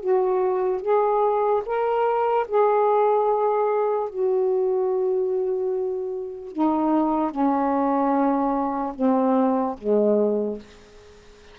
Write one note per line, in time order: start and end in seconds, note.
0.00 0.81 F#4
0.81 1.62 G#4
1.65 2.47 A#4
2.48 4.09 G#4
4.09 6.52 F#4
6.52 7.31 D#4
7.31 8.93 C#4
8.95 9.76 C4
9.78 10.59 G#3